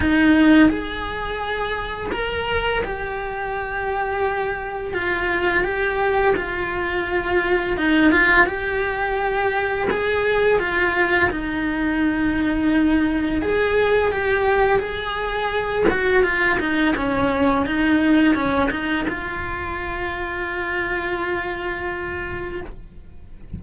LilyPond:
\new Staff \with { instrumentName = "cello" } { \time 4/4 \tempo 4 = 85 dis'4 gis'2 ais'4 | g'2. f'4 | g'4 f'2 dis'8 f'8 | g'2 gis'4 f'4 |
dis'2. gis'4 | g'4 gis'4. fis'8 f'8 dis'8 | cis'4 dis'4 cis'8 dis'8 f'4~ | f'1 | }